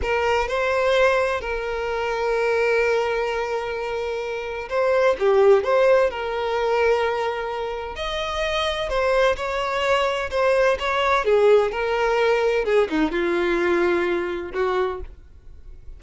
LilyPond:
\new Staff \with { instrumentName = "violin" } { \time 4/4 \tempo 4 = 128 ais'4 c''2 ais'4~ | ais'1~ | ais'2 c''4 g'4 | c''4 ais'2.~ |
ais'4 dis''2 c''4 | cis''2 c''4 cis''4 | gis'4 ais'2 gis'8 dis'8 | f'2. fis'4 | }